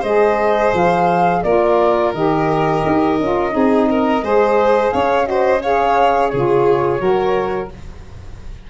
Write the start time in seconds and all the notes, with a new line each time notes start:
0.00 G#3 G#4 C5 D#5
0.73 F3 F5
1.43 A#3 F4 A#4 D5
2.13 D#3 G4 D#5
2.86 D#4
3.19 C#4 F4
3.50 C4 D#4 G#4
3.90 A#4
4.22 G#3 G#4 C5
4.91 C#4 C#5 F5
5.24 F#4 C5 D#5
5.62 G#4 C#5 F5
6.28 C#3 F4 G#4 C#5
6.99 F#3 F#4 A#4